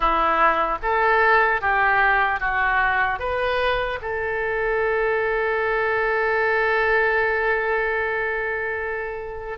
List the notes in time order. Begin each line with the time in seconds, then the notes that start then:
0.00 E4
0.82 A4
1.61 G4
2.40 F#4
3.19 B4
4.01 A4